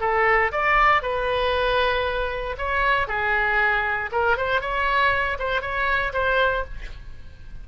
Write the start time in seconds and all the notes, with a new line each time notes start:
0.00 A4
0.52 D5
1.02 B4
2.58 C#5
3.07 G#4
4.12 A#4
4.37 C5
4.61 C#5
5.39 C5
5.61 C#5
6.13 C5